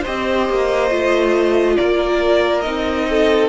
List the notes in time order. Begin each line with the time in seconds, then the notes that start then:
0.00 G4 C5 D#5
0.07 C4
0.49 A#3
0.90 A3 F4
1.76 A#3 A#4 D5
2.61 C4 D#4 D#5
3.10 A4